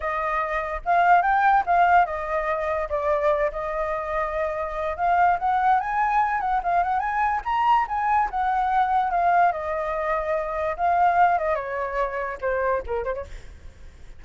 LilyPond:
\new Staff \with { instrumentName = "flute" } { \time 4/4 \tempo 4 = 145 dis''2 f''4 g''4 | f''4 dis''2 d''4~ | d''8 dis''2.~ dis''8 | f''4 fis''4 gis''4. fis''8 |
f''8 fis''8 gis''4 ais''4 gis''4 | fis''2 f''4 dis''4~ | dis''2 f''4. dis''8 | cis''2 c''4 ais'8 c''16 cis''16 | }